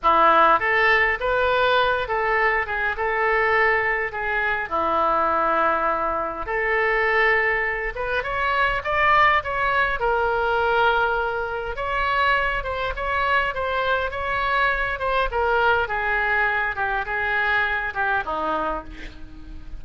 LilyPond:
\new Staff \with { instrumentName = "oboe" } { \time 4/4 \tempo 4 = 102 e'4 a'4 b'4. a'8~ | a'8 gis'8 a'2 gis'4 | e'2. a'4~ | a'4. b'8 cis''4 d''4 |
cis''4 ais'2. | cis''4. c''8 cis''4 c''4 | cis''4. c''8 ais'4 gis'4~ | gis'8 g'8 gis'4. g'8 dis'4 | }